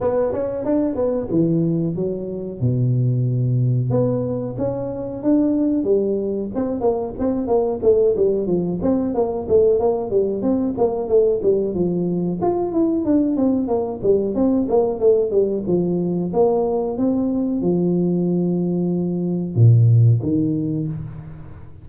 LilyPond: \new Staff \with { instrumentName = "tuba" } { \time 4/4 \tempo 4 = 92 b8 cis'8 d'8 b8 e4 fis4 | b,2 b4 cis'4 | d'4 g4 c'8 ais8 c'8 ais8 | a8 g8 f8 c'8 ais8 a8 ais8 g8 |
c'8 ais8 a8 g8 f4 f'8 e'8 | d'8 c'8 ais8 g8 c'8 ais8 a8 g8 | f4 ais4 c'4 f4~ | f2 ais,4 dis4 | }